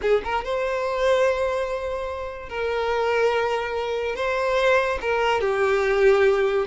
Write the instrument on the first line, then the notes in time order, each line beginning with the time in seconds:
violin
0.01 G#4
0.23 A#4
0.44 C5
2.49 A#4
4.15 C5
5.01 A#4
5.41 G4